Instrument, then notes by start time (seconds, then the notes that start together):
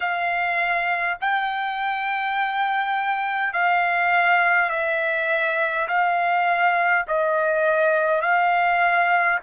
trumpet
0.00 F5
1.21 G5
3.53 F5
4.70 E5
5.88 F5
7.07 D#5
8.21 F5